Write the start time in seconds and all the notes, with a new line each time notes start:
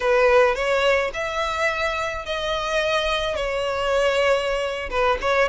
0.00 B4
0.55 C#5
1.13 E5
2.25 D#5
3.35 C#5
4.89 B4
5.21 C#5